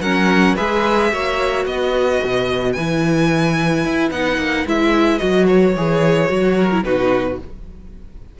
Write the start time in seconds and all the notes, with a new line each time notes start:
0.00 F#3 C#4 A#4 F#5
0.55 G#3 G#4 B4 E5
1.11 A#3 F#4 C#5
1.65 B3 B4 D#5
2.23 B2
2.72 E3 E4 G#5
3.84 E4
4.11 B3 D#4 F#5
4.37 A#3
4.66 G#3 E4 E5
5.18 F#3 F#4 D#5
5.46 C#5
5.76 E3 G#4
6.28 F#3 F#4
6.57 A#4
6.71 E4
6.83 B2 D#4 F#4 B4